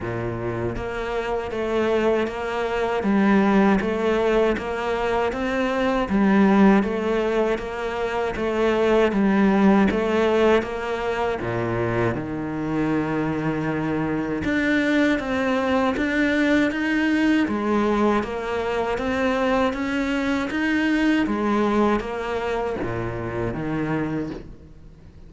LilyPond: \new Staff \with { instrumentName = "cello" } { \time 4/4 \tempo 4 = 79 ais,4 ais4 a4 ais4 | g4 a4 ais4 c'4 | g4 a4 ais4 a4 | g4 a4 ais4 ais,4 |
dis2. d'4 | c'4 d'4 dis'4 gis4 | ais4 c'4 cis'4 dis'4 | gis4 ais4 ais,4 dis4 | }